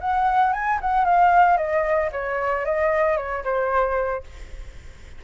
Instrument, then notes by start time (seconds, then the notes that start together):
flute
0.00 F#5
0.52 G#5
0.81 F#5
1.05 F5
1.57 D#5
2.12 C#5
2.65 D#5
3.16 C#5
3.43 C5